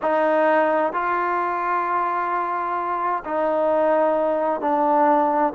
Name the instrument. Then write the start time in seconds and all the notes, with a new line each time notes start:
trombone
0.02 D#4
0.92 F4
3.24 D#4
4.60 D4